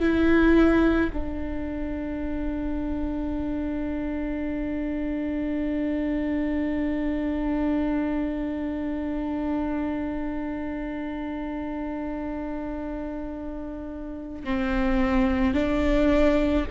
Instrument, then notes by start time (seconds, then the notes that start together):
viola
0.00 E4
1.13 D4
14.44 C4
15.54 D4